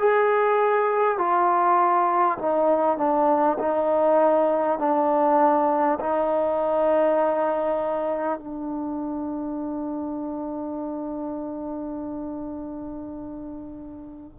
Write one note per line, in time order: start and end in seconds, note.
0.00 1.18 G#4
1.18 2.38 F4
2.39 2.98 D#4
2.98 3.58 D4
3.59 4.79 D#4
4.79 5.99 D4
6.01 8.39 D#4
8.39 14.39 D4